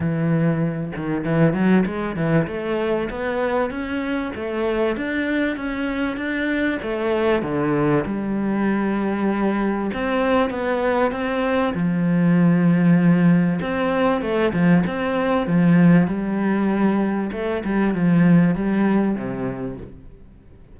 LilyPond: \new Staff \with { instrumentName = "cello" } { \time 4/4 \tempo 4 = 97 e4. dis8 e8 fis8 gis8 e8 | a4 b4 cis'4 a4 | d'4 cis'4 d'4 a4 | d4 g2. |
c'4 b4 c'4 f4~ | f2 c'4 a8 f8 | c'4 f4 g2 | a8 g8 f4 g4 c4 | }